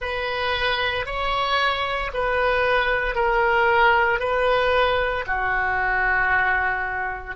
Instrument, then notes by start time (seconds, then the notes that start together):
oboe
0.01 B4
1.06 C#5
2.13 B4
3.15 A#4
4.19 B4
5.26 F#4